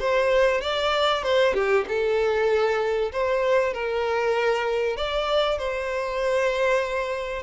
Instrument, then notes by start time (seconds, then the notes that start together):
violin
0.00 C5
0.61 D5
1.23 C5
1.54 G4
1.88 A4
3.13 C5
3.74 A#4
4.97 D5
5.58 C5